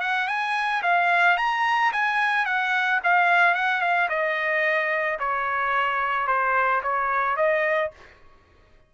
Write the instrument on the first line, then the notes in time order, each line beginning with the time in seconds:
trumpet
0.00 F#5
0.27 G#5
0.82 F5
1.37 A#5
1.92 G#5
2.45 F#5
3.03 F5
3.54 F#5
3.81 F5
4.09 D#5
5.19 C#5
6.27 C5
6.83 C#5
7.36 D#5